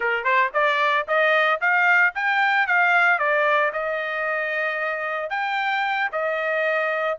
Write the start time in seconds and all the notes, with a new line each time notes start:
0.00 A#4
0.24 C5
0.53 D5
1.07 D#5
1.60 F5
2.14 G5
2.66 F5
3.18 D5
3.72 D#5
5.30 G5
6.12 D#5